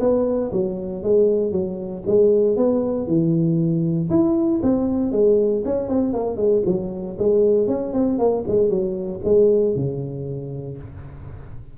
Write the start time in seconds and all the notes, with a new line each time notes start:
0.00 B3
0.52 F#3
1.03 G#3
1.52 F#3
2.07 G#3
2.57 B3
3.07 E3
4.10 E4
4.63 C4
5.12 G#3
5.65 C#4
5.89 C4
6.14 A#3
6.37 G#3
6.66 F#3
7.19 G#3
7.68 C#4
7.93 C4
8.19 A#3
8.48 G#3
8.70 F#3
9.24 G#3
9.76 C#3